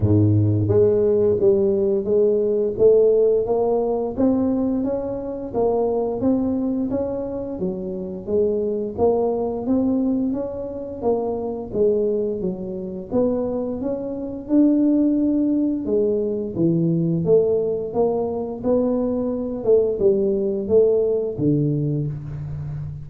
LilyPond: \new Staff \with { instrumentName = "tuba" } { \time 4/4 \tempo 4 = 87 gis,4 gis4 g4 gis4 | a4 ais4 c'4 cis'4 | ais4 c'4 cis'4 fis4 | gis4 ais4 c'4 cis'4 |
ais4 gis4 fis4 b4 | cis'4 d'2 gis4 | e4 a4 ais4 b4~ | b8 a8 g4 a4 d4 | }